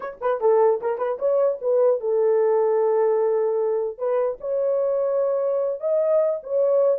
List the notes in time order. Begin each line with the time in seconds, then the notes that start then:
0.00 C#5
0.20 B4
0.40 A4
0.81 A#4
0.98 B4
1.19 C#5
1.61 B4
2.00 A4
3.97 B4
4.40 C#5
5.80 D#5
6.43 C#5